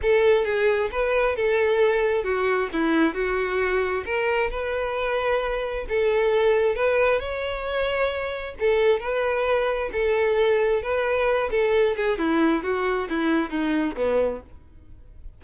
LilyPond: \new Staff \with { instrumentName = "violin" } { \time 4/4 \tempo 4 = 133 a'4 gis'4 b'4 a'4~ | a'4 fis'4 e'4 fis'4~ | fis'4 ais'4 b'2~ | b'4 a'2 b'4 |
cis''2. a'4 | b'2 a'2 | b'4. a'4 gis'8 e'4 | fis'4 e'4 dis'4 b4 | }